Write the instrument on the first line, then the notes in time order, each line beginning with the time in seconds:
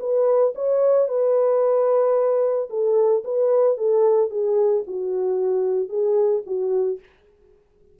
horn
0.00 B4
0.55 C#5
1.09 B4
2.70 A4
3.24 B4
3.78 A4
4.31 G#4
4.87 F#4
5.89 G#4
6.46 F#4